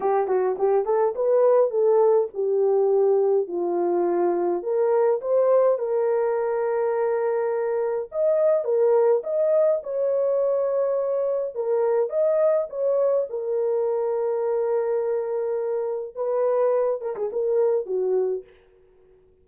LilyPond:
\new Staff \with { instrumentName = "horn" } { \time 4/4 \tempo 4 = 104 g'8 fis'8 g'8 a'8 b'4 a'4 | g'2 f'2 | ais'4 c''4 ais'2~ | ais'2 dis''4 ais'4 |
dis''4 cis''2. | ais'4 dis''4 cis''4 ais'4~ | ais'1 | b'4. ais'16 gis'16 ais'4 fis'4 | }